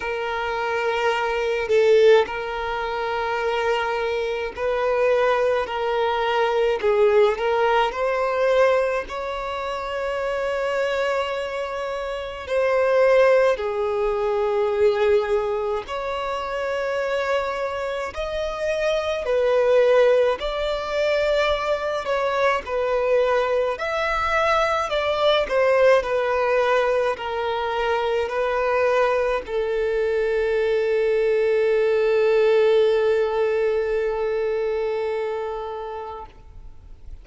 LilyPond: \new Staff \with { instrumentName = "violin" } { \time 4/4 \tempo 4 = 53 ais'4. a'8 ais'2 | b'4 ais'4 gis'8 ais'8 c''4 | cis''2. c''4 | gis'2 cis''2 |
dis''4 b'4 d''4. cis''8 | b'4 e''4 d''8 c''8 b'4 | ais'4 b'4 a'2~ | a'1 | }